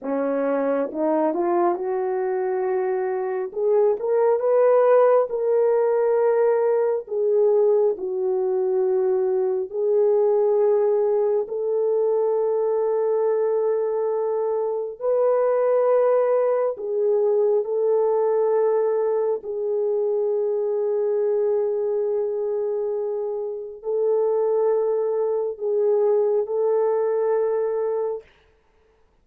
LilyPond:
\new Staff \with { instrumentName = "horn" } { \time 4/4 \tempo 4 = 68 cis'4 dis'8 f'8 fis'2 | gis'8 ais'8 b'4 ais'2 | gis'4 fis'2 gis'4~ | gis'4 a'2.~ |
a'4 b'2 gis'4 | a'2 gis'2~ | gis'2. a'4~ | a'4 gis'4 a'2 | }